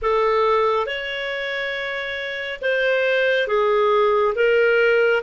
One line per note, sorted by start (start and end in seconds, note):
0.02 0.86 A4
0.86 2.60 C#5
2.61 3.47 C5
3.47 4.34 G#4
4.35 5.22 A#4